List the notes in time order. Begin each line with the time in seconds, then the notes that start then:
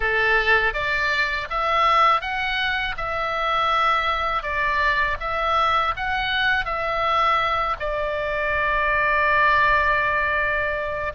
0.00 A4
0.73 D5
1.50 E5
2.21 F#5
2.97 E5
4.42 D5
5.20 E5
5.96 F#5
6.65 E5
7.79 D5